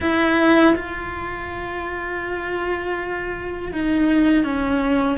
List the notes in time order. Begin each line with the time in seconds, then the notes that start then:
0.00 E4
0.75 F4
3.72 D#4
4.44 C#4